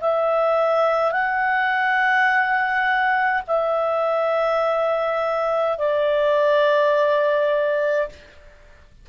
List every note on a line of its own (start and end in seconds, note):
0.00 1.11 E5
1.11 3.42 F#5
3.47 5.78 E5
5.78 8.09 D5